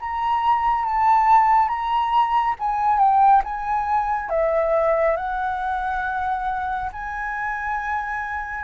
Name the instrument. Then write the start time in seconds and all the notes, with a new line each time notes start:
flute
0.00 A#5
0.85 A5
1.68 A#5
2.59 G#5
2.98 G5
3.44 G#5
4.30 E5
5.17 F#5
6.92 G#5